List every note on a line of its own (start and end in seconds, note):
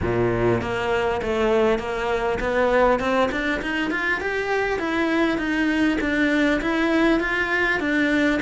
0.01 0.61 A#2
0.61 1.21 A#3
1.22 1.78 A3
1.78 2.38 A#3
2.40 2.99 B3
2.99 3.29 C4
3.31 3.61 D4
3.62 3.90 D#4
3.90 4.20 F4
4.20 4.79 G4
4.79 5.38 E4
5.38 5.98 D#4
6.00 6.60 D4
6.61 7.20 E4
7.20 7.80 F4
7.80 8.40 D4